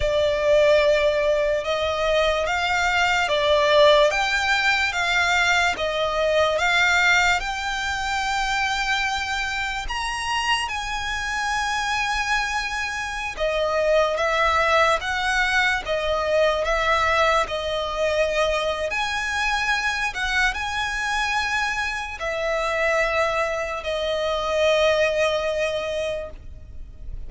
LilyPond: \new Staff \with { instrumentName = "violin" } { \time 4/4 \tempo 4 = 73 d''2 dis''4 f''4 | d''4 g''4 f''4 dis''4 | f''4 g''2. | ais''4 gis''2.~ |
gis''16 dis''4 e''4 fis''4 dis''8.~ | dis''16 e''4 dis''4.~ dis''16 gis''4~ | gis''8 fis''8 gis''2 e''4~ | e''4 dis''2. | }